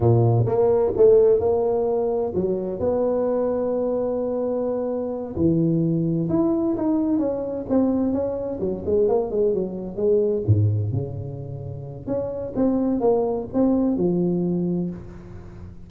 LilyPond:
\new Staff \with { instrumentName = "tuba" } { \time 4/4 \tempo 4 = 129 ais,4 ais4 a4 ais4~ | ais4 fis4 b2~ | b2.~ b8 e8~ | e4. e'4 dis'4 cis'8~ |
cis'8 c'4 cis'4 fis8 gis8 ais8 | gis8 fis4 gis4 gis,4 cis8~ | cis2 cis'4 c'4 | ais4 c'4 f2 | }